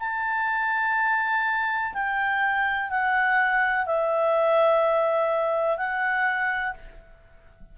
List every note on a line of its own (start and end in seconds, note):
0.00 1.94 A5
1.94 2.90 G5
2.91 3.86 F#5
3.86 5.78 E5
5.78 6.75 F#5